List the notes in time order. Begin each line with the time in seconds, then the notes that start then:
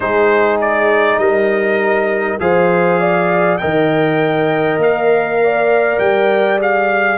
0.00 G#3 D#4 G#4 C5
0.61 D5
1.18 G3 A#4 D#5
2.39 F3 G#4 C5 F5
3.00 D5
3.57 A#4 D#5 G5
3.63 D#3
4.77 A#3 F5
5.43 D5
5.99 G3 G5
6.58 G#4 F5